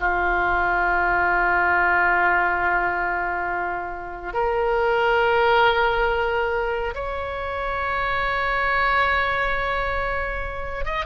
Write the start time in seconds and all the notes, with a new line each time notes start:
0.00 F4
4.34 A#4
6.95 C#5
10.85 D#5